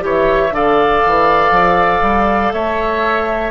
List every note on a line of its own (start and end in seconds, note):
0.00 0.51 E3
0.00 0.50 G4
0.00 0.55 C#5
0.08 0.55 E5
0.51 1.01 D3
0.51 3.51 A4
0.51 2.54 D5
0.51 2.53 F5
1.06 1.51 E3
1.51 2.01 F3
2.02 2.52 G3
2.53 3.51 A3
2.53 3.51 C#5
2.53 3.51 E5